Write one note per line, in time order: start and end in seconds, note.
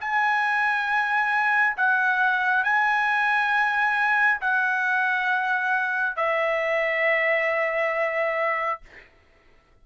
0.00 1.76 G#5
1.77 2.64 F#5
2.64 4.40 G#5
4.41 6.16 F#5
6.16 8.81 E5